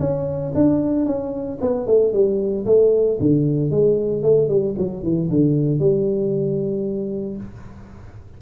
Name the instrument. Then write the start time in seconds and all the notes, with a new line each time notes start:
tuba
0.00 C#4
0.55 D4
1.06 C#4
1.61 B3
1.87 A3
2.13 G3
2.66 A3
3.20 D3
3.71 G#3
4.22 A3
4.49 G3
4.78 F#3
5.03 E3
5.30 D3
5.79 G3